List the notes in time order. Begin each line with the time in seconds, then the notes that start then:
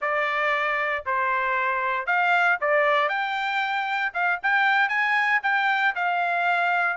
0.01 D5
1.05 C5
2.06 F5
2.60 D5
3.08 G5
4.13 F5
4.42 G5
4.88 G#5
5.43 G5
5.95 F5